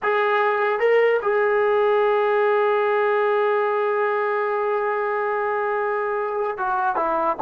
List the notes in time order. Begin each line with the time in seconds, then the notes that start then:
0.02 G#4
0.79 A#4
1.22 G#4
6.57 F#4
6.96 E4